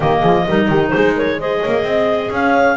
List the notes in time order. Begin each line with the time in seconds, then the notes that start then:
0.00 D#3 A#3 G4 D#5
0.20 F3 G#4
0.48 G3 D#4 A#4
0.68 D#3 G4
0.89 G#3 G#4 C5
1.15 A#4 C#5
1.39 G#4 C5 D#5
1.60 A#3 C#5
1.83 C4 D#5
2.30 C#4 C#5 F5